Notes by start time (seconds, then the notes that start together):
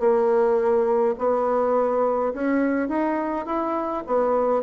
0.00 A#3
1.19 B3
2.34 C#4
2.89 D#4
3.46 E4
4.07 B3